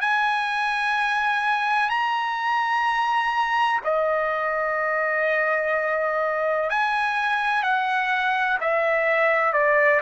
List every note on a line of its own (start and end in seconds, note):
0.00 1.89 G#5
1.89 3.80 A#5
3.84 6.69 D#5
6.69 7.63 G#5
7.63 8.58 F#5
8.61 9.52 E5
9.52 10.00 D5